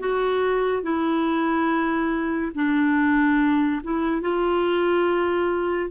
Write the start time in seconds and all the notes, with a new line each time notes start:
0.00 F#4
0.83 E4
2.55 D4
3.84 E4
4.22 F4